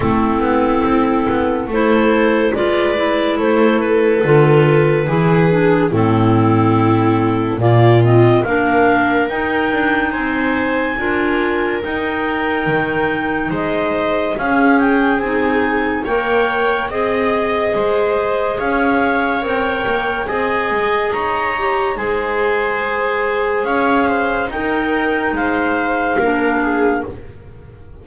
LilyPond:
<<
  \new Staff \with { instrumentName = "clarinet" } { \time 4/4 \tempo 4 = 71 a'2 c''4 d''4 | c''8 b'2~ b'8 a'4~ | a'4 d''8 dis''8 f''4 g''4 | gis''2 g''2 |
dis''4 f''8 g''8 gis''4 g''4 | dis''2 f''4 g''4 | gis''4 ais''4 gis''2 | f''4 g''4 f''2 | }
  \new Staff \with { instrumentName = "viola" } { \time 4/4 e'2 a'4 b'4 | a'2 gis'4 e'4~ | e'4 f'4 ais'2 | c''4 ais'2. |
c''4 gis'2 cis''4 | dis''4 c''4 cis''2 | dis''4 cis''4 c''2 | cis''8 c''8 ais'4 c''4 ais'8 gis'8 | }
  \new Staff \with { instrumentName = "clarinet" } { \time 4/4 c'2 e'4 f'8 e'8~ | e'4 f'4 e'8 d'8 c'4~ | c'4 ais8 c'8 d'4 dis'4~ | dis'4 f'4 dis'2~ |
dis'4 cis'4 dis'4 ais'4 | gis'2. ais'4 | gis'4. g'8 gis'2~ | gis'4 dis'2 d'4 | }
  \new Staff \with { instrumentName = "double bass" } { \time 4/4 a8 b8 c'8 b8 a4 gis4 | a4 d4 e4 a,4~ | a,4 ais,4 ais4 dis'8 d'8 | c'4 d'4 dis'4 dis4 |
gis4 cis'4 c'4 ais4 | c'4 gis4 cis'4 c'8 ais8 | c'8 gis8 dis'4 gis2 | cis'4 dis'4 gis4 ais4 | }
>>